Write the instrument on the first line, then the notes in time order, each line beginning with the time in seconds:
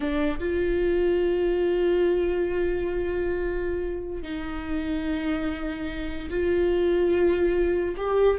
viola
0.00 D4
0.39 F4
4.22 D#4
6.30 F4
7.97 G4